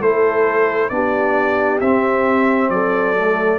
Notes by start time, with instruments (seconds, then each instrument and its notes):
0.00 tuba A3, trombone E4, horn A4, trumpet C5
0.89 tuba B3, trombone D4, horn G4, trumpet D5
1.80 tuba C4, trombone C4, trumpet E5
2.69 tuba F#3, horn A4, trumpet D5
3.16 trombone A3